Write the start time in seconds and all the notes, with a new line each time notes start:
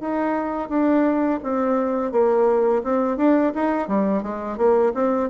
0.00 D#4
0.69 D4
1.43 C4
2.12 A#3
2.83 C4
3.17 D4
3.55 D#4
3.88 G3
4.22 G#3
4.57 A#3
4.94 C4